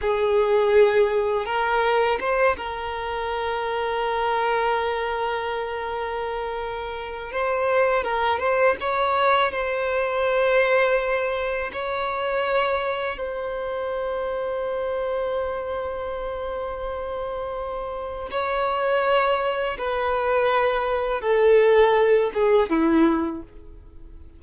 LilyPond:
\new Staff \with { instrumentName = "violin" } { \time 4/4 \tempo 4 = 82 gis'2 ais'4 c''8 ais'8~ | ais'1~ | ais'2 c''4 ais'8 c''8 | cis''4 c''2. |
cis''2 c''2~ | c''1~ | c''4 cis''2 b'4~ | b'4 a'4. gis'8 e'4 | }